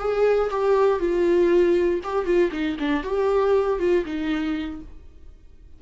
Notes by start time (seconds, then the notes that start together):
0.00 G#4
0.51 G4
1.00 F4
2.04 G4
2.26 F4
2.52 D#4
2.80 D4
3.04 G4
3.80 F4
4.06 D#4